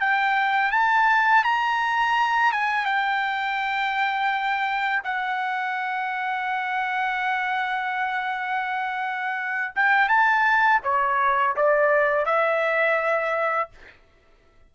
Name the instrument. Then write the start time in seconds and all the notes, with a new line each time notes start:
trumpet
0.00 G5
0.71 A5
1.44 A#5
2.52 G#5
2.85 G5
5.04 F#5
9.75 G5
10.09 A5
10.83 C#5
11.56 D5
12.25 E5